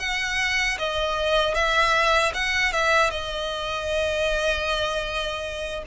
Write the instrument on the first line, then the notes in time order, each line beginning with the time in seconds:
violin
0.00 F#5
0.79 D#5
1.55 E5
2.34 F#5
2.73 E5
3.11 D#5